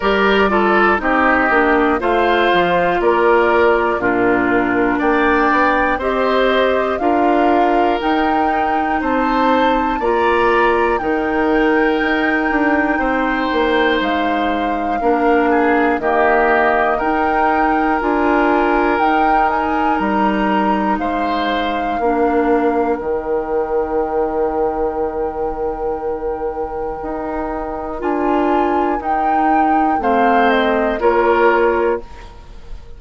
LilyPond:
<<
  \new Staff \with { instrumentName = "flute" } { \time 4/4 \tempo 4 = 60 d''4 dis''4 f''4 d''4 | ais'4 g''4 dis''4 f''4 | g''4 a''4 ais''4 g''4~ | g''2 f''2 |
dis''4 g''4 gis''4 g''8 gis''8 | ais''4 f''2 g''4~ | g''1 | gis''4 g''4 f''8 dis''8 cis''4 | }
  \new Staff \with { instrumentName = "oboe" } { \time 4/4 ais'8 a'8 g'4 c''4 ais'4 | f'4 d''4 c''4 ais'4~ | ais'4 c''4 d''4 ais'4~ | ais'4 c''2 ais'8 gis'8 |
g'4 ais'2.~ | ais'4 c''4 ais'2~ | ais'1~ | ais'2 c''4 ais'4 | }
  \new Staff \with { instrumentName = "clarinet" } { \time 4/4 g'8 f'8 dis'8 d'8 f'2 | d'2 g'4 f'4 | dis'2 f'4 dis'4~ | dis'2. d'4 |
ais4 dis'4 f'4 dis'4~ | dis'2 d'4 dis'4~ | dis'1 | f'4 dis'4 c'4 f'4 | }
  \new Staff \with { instrumentName = "bassoon" } { \time 4/4 g4 c'8 ais8 a8 f8 ais4 | ais,4 ais8 b8 c'4 d'4 | dis'4 c'4 ais4 dis4 | dis'8 d'8 c'8 ais8 gis4 ais4 |
dis4 dis'4 d'4 dis'4 | g4 gis4 ais4 dis4~ | dis2. dis'4 | d'4 dis'4 a4 ais4 | }
>>